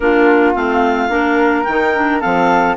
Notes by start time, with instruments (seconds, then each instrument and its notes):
0.00 bassoon A#3, clarinet D4 A#4, flute F4
0.54 bassoon A3, clarinet C4 F5
1.09 bassoon A#3, clarinet D4, flute A#4
1.63 bassoon D#3, clarinet D#4 G5
1.95 clarinet D4
2.20 bassoon F3, clarinet C4 F5, flute A4